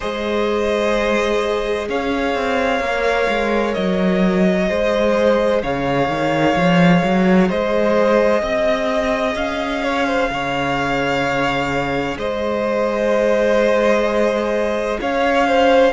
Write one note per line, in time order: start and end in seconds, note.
0.00 1.88 G#3
0.00 2.82 G#4
0.00 1.88 C5
0.00 1.88 D#5
1.88 2.35 C#4
1.88 4.69 C#5
1.88 3.74 F5
2.35 2.80 C4
2.80 3.27 A#3
2.80 4.68 A#4
3.29 3.76 G#3
3.74 4.69 F#3
3.74 5.61 D#5
4.68 5.62 G#3
4.68 15.92 G#4
4.68 5.62 C5
5.62 6.08 C#3
5.62 7.48 C#5
5.62 7.50 F5
6.08 6.55 D#3
6.55 7.02 F3
7.03 7.50 F#3
7.48 8.42 G#3
7.48 8.42 C5
7.48 9.36 D#5
8.42 9.35 C4
8.42 9.83 D#5
9.35 10.29 C#4
9.35 12.17 F5
9.83 10.06 C#5
10.06 10.29 C5
10.29 12.17 C#3
10.29 12.18 C#5
12.17 14.98 G#3
12.17 14.99 C5
12.17 15.00 D#5
15.01 15.92 C#4
15.01 15.47 C#5
15.01 15.92 F5
15.47 15.92 C5